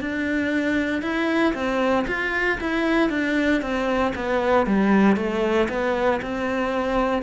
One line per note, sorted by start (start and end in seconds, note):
0.00 1.02 D4
1.02 1.54 E4
1.54 2.05 C4
2.07 2.59 F4
2.61 3.09 E4
3.09 3.61 D4
3.61 4.13 C4
4.15 4.66 B3
4.66 5.16 G3
5.16 5.68 A3
5.68 6.20 B3
6.22 7.22 C4